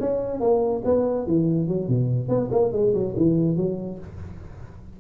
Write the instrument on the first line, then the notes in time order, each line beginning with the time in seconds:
tuba
0.00 C#4
0.40 A#3
0.85 B3
1.26 E3
1.68 F#3
1.88 B2
2.29 B3
2.52 A#3
2.72 G#3
2.94 F#3
3.17 E3
3.56 F#3